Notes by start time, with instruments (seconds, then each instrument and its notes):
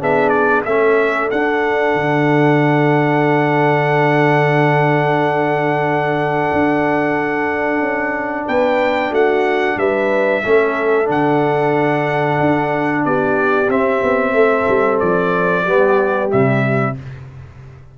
0.00 tuba B3, trombone D4, horn G#4, trumpet E5
0.29 trumpet D5
0.65 tuba A3, trombone C#4, horn A4, trumpet E5
1.31 tuba D4, trombone D4, trumpet F#5
1.94 tuba D3
6.53 tuba D4
7.80 tuba C#4
8.47 tuba B3, horn B4, trumpet G5
9.11 tuba A3, horn F#4, trumpet F#5
9.77 tuba G3, horn B4, trumpet E5
10.44 tuba A3, trombone C#4, horn A4
11.05 tuba D3, trombone D4
11.11 trumpet F#5
12.40 tuba D4
13.05 tuba B3, horn G4, trumpet D5
13.69 tuba C4, trombone C4, trumpet E5
14.03 tuba B3
14.33 tuba A3, horn A4
14.68 tuba G3
15.00 tuba F3, trumpet D5
15.64 tuba G3, trombone B3, horn G4
16.30 tuba C3, trombone G3, trumpet E5